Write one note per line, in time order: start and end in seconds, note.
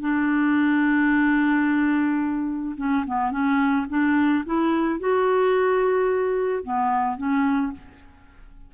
0.00 2.75 D4
2.77 3.04 C#4
3.07 3.31 B3
3.31 3.86 C#4
3.89 4.44 D4
4.45 5.00 E4
5.00 6.64 F#4
6.64 7.17 B3
7.17 7.72 C#4